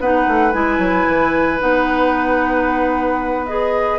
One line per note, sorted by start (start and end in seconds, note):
0.00 0.27 B3
0.00 0.53 D#4
0.00 3.99 B4
0.00 0.53 F#5
0.28 0.54 A3
0.53 0.79 G#3
0.53 1.59 E4
0.53 1.60 G#5
0.79 1.05 F#3
1.08 1.62 E3
1.59 3.99 B3
1.59 3.47 D#4
1.59 3.47 F#5
3.47 3.99 G#4
3.47 3.99 D#5